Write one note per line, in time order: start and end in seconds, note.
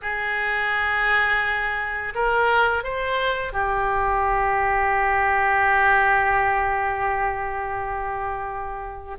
0.02 2.13 G#4
2.15 2.83 A#4
2.83 3.52 C5
3.52 9.17 G4